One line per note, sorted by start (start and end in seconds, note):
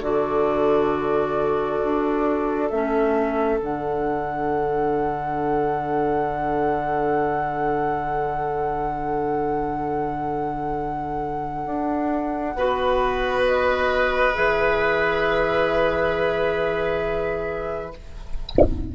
0.00 1.79 D3
0.00 2.71 F#4
0.00 12.56 A4
0.00 2.69 D5
1.84 2.71 D4
2.69 3.61 A3
2.69 3.60 C#4
2.69 3.59 E5
3.60 11.66 D3
3.60 12.55 D4
3.60 13.46 F#5
11.66 12.55 D4
12.55 14.34 B3
12.55 14.34 F#4
12.55 17.94 B4
13.46 14.35 D#5
14.34 17.95 E3
14.34 17.92 G#4
14.34 17.93 E5